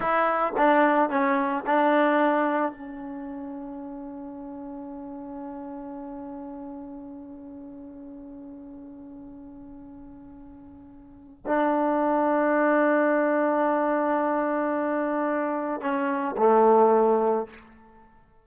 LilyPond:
\new Staff \with { instrumentName = "trombone" } { \time 4/4 \tempo 4 = 110 e'4 d'4 cis'4 d'4~ | d'4 cis'2.~ | cis'1~ | cis'1~ |
cis'1~ | cis'4 d'2.~ | d'1~ | d'4 cis'4 a2 | }